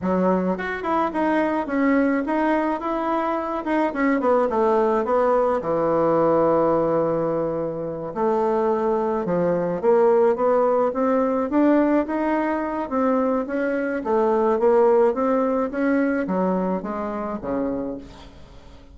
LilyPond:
\new Staff \with { instrumentName = "bassoon" } { \time 4/4 \tempo 4 = 107 fis4 fis'8 e'8 dis'4 cis'4 | dis'4 e'4. dis'8 cis'8 b8 | a4 b4 e2~ | e2~ e8 a4.~ |
a8 f4 ais4 b4 c'8~ | c'8 d'4 dis'4. c'4 | cis'4 a4 ais4 c'4 | cis'4 fis4 gis4 cis4 | }